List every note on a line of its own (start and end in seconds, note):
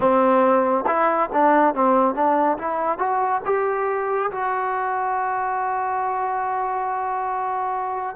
0.00 0.85 C4
0.86 1.29 E4
1.32 1.74 D4
1.74 2.14 C4
2.14 2.57 D4
2.58 2.98 E4
2.98 3.41 F#4
3.45 4.31 G4
4.31 8.15 F#4